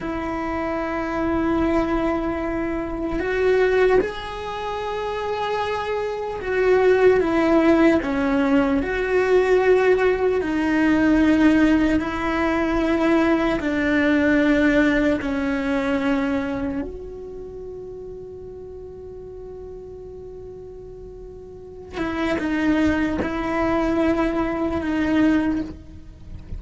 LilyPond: \new Staff \with { instrumentName = "cello" } { \time 4/4 \tempo 4 = 75 e'1 | fis'4 gis'2. | fis'4 e'4 cis'4 fis'4~ | fis'4 dis'2 e'4~ |
e'4 d'2 cis'4~ | cis'4 fis'2.~ | fis'2.~ fis'8 e'8 | dis'4 e'2 dis'4 | }